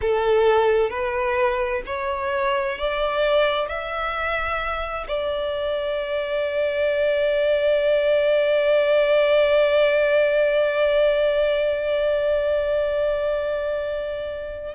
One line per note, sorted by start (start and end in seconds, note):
0.01 0.90 A4
0.90 1.82 B4
1.85 2.78 C#5
2.78 3.68 D5
3.68 5.06 E5
5.08 14.75 D5